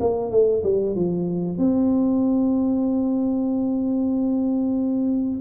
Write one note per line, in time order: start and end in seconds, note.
0.00 0.31 A#3
0.31 0.63 A3
0.63 0.95 G3
0.95 1.58 F3
1.58 5.41 C4